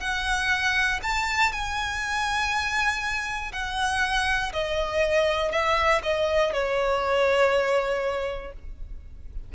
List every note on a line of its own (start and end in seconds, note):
0.00 1.00 F#5
1.02 1.52 A5
1.52 3.52 G#5
3.52 4.52 F#5
4.53 5.52 D#5
5.52 6.02 E5
6.02 6.52 D#5
6.52 8.52 C#5